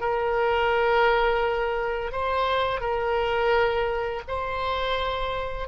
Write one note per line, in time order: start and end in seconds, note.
0.00 2.11 A#4
2.11 2.80 C5
2.80 4.22 A#4
4.27 5.68 C5